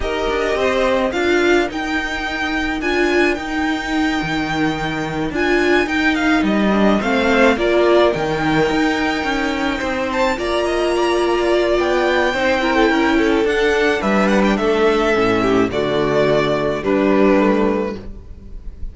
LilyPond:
<<
  \new Staff \with { instrumentName = "violin" } { \time 4/4 \tempo 4 = 107 dis''2 f''4 g''4~ | g''4 gis''4 g''2~ | g''4. gis''4 g''8 f''8 dis''8~ | dis''8 f''4 d''4 g''4.~ |
g''2 a''8 ais''4.~ | ais''4 g''2. | fis''4 e''8 fis''16 g''16 e''2 | d''2 b'2 | }
  \new Staff \with { instrumentName = "violin" } { \time 4/4 ais'4 c''4 ais'2~ | ais'1~ | ais'1~ | ais'8 c''4 ais'2~ ais'8~ |
ais'4. c''4 d''8 dis''8 d''8~ | d''2 c''8 ais'16 a'16 ais'8 a'8~ | a'4 b'4 a'4. g'8 | fis'2 d'2 | }
  \new Staff \with { instrumentName = "viola" } { \time 4/4 g'2 f'4 dis'4~ | dis'4 f'4 dis'2~ | dis'4. f'4 dis'4. | d'8 c'4 f'4 dis'4.~ |
dis'2~ dis'8 f'4.~ | f'2 dis'8 e'4. | d'2. cis'4 | a2 g4 a4 | }
  \new Staff \with { instrumentName = "cello" } { \time 4/4 dis'8 d'8 c'4 d'4 dis'4~ | dis'4 d'4 dis'4. dis8~ | dis4. d'4 dis'4 g8~ | g8 a4 ais4 dis4 dis'8~ |
dis'8 cis'4 c'4 ais4.~ | ais4 b4 c'4 cis'4 | d'4 g4 a4 a,4 | d2 g2 | }
>>